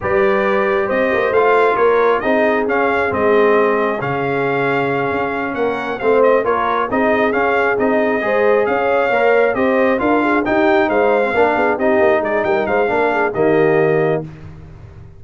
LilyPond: <<
  \new Staff \with { instrumentName = "trumpet" } { \time 4/4 \tempo 4 = 135 d''2 dis''4 f''4 | cis''4 dis''4 f''4 dis''4~ | dis''4 f''2.~ | f''8 fis''4 f''8 dis''8 cis''4 dis''8~ |
dis''8 f''4 dis''2 f''8~ | f''4. dis''4 f''4 g''8~ | g''8 f''2 dis''4 d''8 | g''8 f''4. dis''2 | }
  \new Staff \with { instrumentName = "horn" } { \time 4/4 b'2 c''2 | ais'4 gis'2.~ | gis'1~ | gis'8 ais'4 c''4 ais'4 gis'8~ |
gis'2~ gis'8 c''4 cis''8~ | cis''4. c''4 ais'8 gis'8 g'8~ | g'8 c''4 ais'8 gis'8 g'4 gis'8 | ais'8 c''8 ais'8 gis'8 g'2 | }
  \new Staff \with { instrumentName = "trombone" } { \time 4/4 g'2. f'4~ | f'4 dis'4 cis'4 c'4~ | c'4 cis'2.~ | cis'4. c'4 f'4 dis'8~ |
dis'8 cis'4 dis'4 gis'4.~ | gis'8 ais'4 g'4 f'4 dis'8~ | dis'4~ dis'16 c'16 d'4 dis'4.~ | dis'4 d'4 ais2 | }
  \new Staff \with { instrumentName = "tuba" } { \time 4/4 g2 c'8 ais8 a4 | ais4 c'4 cis'4 gis4~ | gis4 cis2~ cis8 cis'8~ | cis'8 ais4 a4 ais4 c'8~ |
c'8 cis'4 c'4 gis4 cis'8~ | cis'8 ais4 c'4 d'4 dis'8~ | dis'8 gis4 ais8 b8 c'8 ais8 gis8 | g8 gis8 ais4 dis2 | }
>>